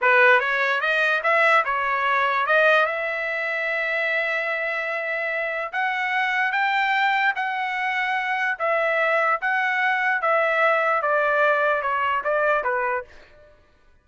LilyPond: \new Staff \with { instrumentName = "trumpet" } { \time 4/4 \tempo 4 = 147 b'4 cis''4 dis''4 e''4 | cis''2 dis''4 e''4~ | e''1~ | e''2 fis''2 |
g''2 fis''2~ | fis''4 e''2 fis''4~ | fis''4 e''2 d''4~ | d''4 cis''4 d''4 b'4 | }